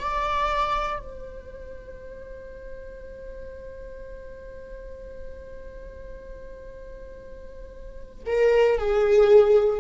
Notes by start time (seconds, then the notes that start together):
0.00 D5
1.00 C5
8.27 A#4
8.78 G#4